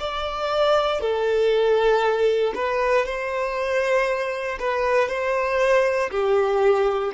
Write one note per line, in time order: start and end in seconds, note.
0.00 1.01 D5
1.01 2.53 A4
2.55 3.06 B4
3.06 4.58 C5
4.59 5.08 B4
5.08 6.10 C5
6.11 7.12 G4